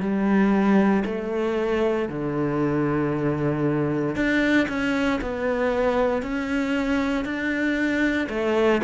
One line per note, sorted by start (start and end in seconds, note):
0.00 1.03 G3
1.05 2.09 A3
2.09 4.16 D3
4.16 4.67 D4
4.68 5.20 C#4
5.21 6.22 B3
6.22 7.25 C#4
7.25 8.28 D4
8.29 8.81 A3